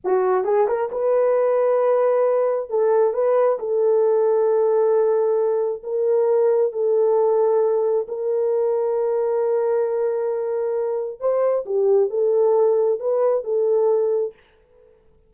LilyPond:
\new Staff \with { instrumentName = "horn" } { \time 4/4 \tempo 4 = 134 fis'4 gis'8 ais'8 b'2~ | b'2 a'4 b'4 | a'1~ | a'4 ais'2 a'4~ |
a'2 ais'2~ | ais'1~ | ais'4 c''4 g'4 a'4~ | a'4 b'4 a'2 | }